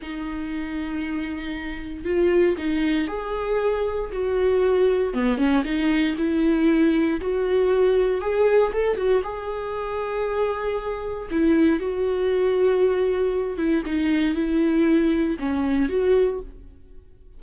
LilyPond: \new Staff \with { instrumentName = "viola" } { \time 4/4 \tempo 4 = 117 dis'1 | f'4 dis'4 gis'2 | fis'2 b8 cis'8 dis'4 | e'2 fis'2 |
gis'4 a'8 fis'8 gis'2~ | gis'2 e'4 fis'4~ | fis'2~ fis'8 e'8 dis'4 | e'2 cis'4 fis'4 | }